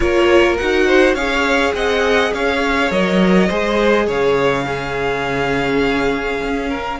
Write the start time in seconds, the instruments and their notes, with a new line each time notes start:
0.00 cello A#3, viola F4, violin A#4 C#5
0.57 cello D#4, viola F#4, violin F#5
0.86 violin C5
1.14 cello C#4, viola G#4, violin C#5 F5
1.73 cello C4, violin D#5 F#5
2.33 cello C#4, violin C#5 F5
2.90 cello F#3, viola A#4, violin D#5
3.47 cello G#3, viola G#4, violin C5
4.07 cello C#3, violin C#5 F5
4.64 viola C#4, violin G#4
6.44 cello C#4
6.69 violin A#4